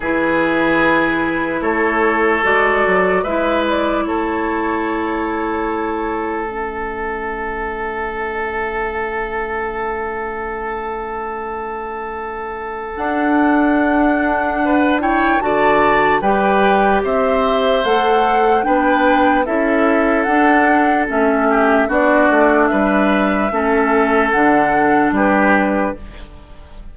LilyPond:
<<
  \new Staff \with { instrumentName = "flute" } { \time 4/4 \tempo 4 = 74 b'2 cis''4 d''4 | e''8 d''8 cis''2. | e''1~ | e''1 |
fis''2~ fis''8 g''8 a''4 | g''4 e''4 fis''4 g''4 | e''4 fis''4 e''4 d''4 | e''2 fis''4 b'4 | }
  \new Staff \with { instrumentName = "oboe" } { \time 4/4 gis'2 a'2 | b'4 a'2.~ | a'1~ | a'1~ |
a'2 b'8 cis''8 d''4 | b'4 c''2 b'4 | a'2~ a'8 g'8 fis'4 | b'4 a'2 g'4 | }
  \new Staff \with { instrumentName = "clarinet" } { \time 4/4 e'2. fis'4 | e'1 | cis'1~ | cis'1 |
d'2~ d'8 e'8 fis'4 | g'2 a'4 d'4 | e'4 d'4 cis'4 d'4~ | d'4 cis'4 d'2 | }
  \new Staff \with { instrumentName = "bassoon" } { \time 4/4 e2 a4 gis8 fis8 | gis4 a2.~ | a1~ | a1 |
d'2. d4 | g4 c'4 a4 b4 | cis'4 d'4 a4 b8 a8 | g4 a4 d4 g4 | }
>>